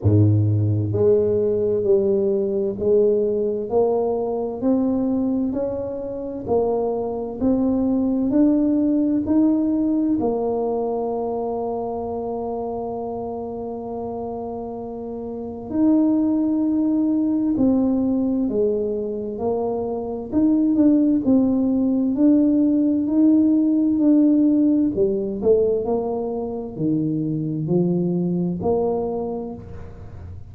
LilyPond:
\new Staff \with { instrumentName = "tuba" } { \time 4/4 \tempo 4 = 65 gis,4 gis4 g4 gis4 | ais4 c'4 cis'4 ais4 | c'4 d'4 dis'4 ais4~ | ais1~ |
ais4 dis'2 c'4 | gis4 ais4 dis'8 d'8 c'4 | d'4 dis'4 d'4 g8 a8 | ais4 dis4 f4 ais4 | }